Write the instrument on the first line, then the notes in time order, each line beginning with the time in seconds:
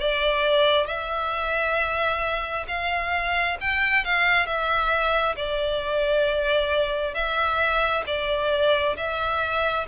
violin
0.00 D5
0.87 E5
2.68 F5
3.61 G5
4.05 F5
4.46 E5
5.36 D5
7.14 E5
8.07 D5
8.97 E5